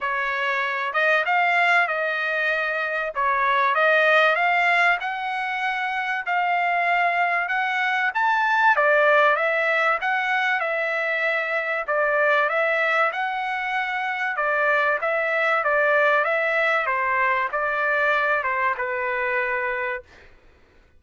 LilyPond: \new Staff \with { instrumentName = "trumpet" } { \time 4/4 \tempo 4 = 96 cis''4. dis''8 f''4 dis''4~ | dis''4 cis''4 dis''4 f''4 | fis''2 f''2 | fis''4 a''4 d''4 e''4 |
fis''4 e''2 d''4 | e''4 fis''2 d''4 | e''4 d''4 e''4 c''4 | d''4. c''8 b'2 | }